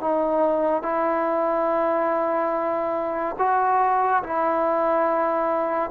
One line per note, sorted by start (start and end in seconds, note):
0.00 0.82 D#4
0.82 3.36 E4
3.38 4.23 F#4
4.23 5.90 E4